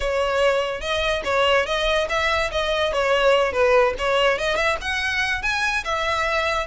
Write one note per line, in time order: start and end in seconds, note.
0.00 0.80 C#5
0.80 1.22 D#5
1.24 1.66 C#5
1.66 2.07 D#5
2.09 2.51 E5
2.51 2.92 D#5
2.92 3.52 C#5
3.52 3.94 B4
3.98 4.38 C#5
4.38 4.56 D#5
4.56 4.77 E5
4.81 5.42 F#5
5.42 5.84 G#5
5.84 6.66 E5